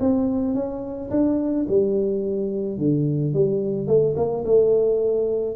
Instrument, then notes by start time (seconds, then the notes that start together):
tuba
0.00 C4
0.55 C#4
1.10 D4
1.69 G3
2.78 D3
3.34 G3
3.87 A3
4.16 A#3
4.45 A3